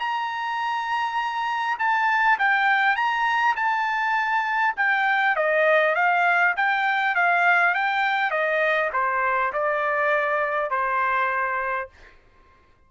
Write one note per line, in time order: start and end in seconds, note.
0.00 1.78 A#5
1.79 2.39 A5
2.39 2.96 G5
2.96 3.56 A#5
3.56 4.75 A5
4.77 5.36 G5
5.37 5.96 D#5
5.96 6.55 F5
6.57 7.16 G5
7.16 7.75 F5
7.75 8.31 G5
8.31 8.91 D#5
8.93 9.53 C5
9.53 10.71 D5
10.71 11.90 C5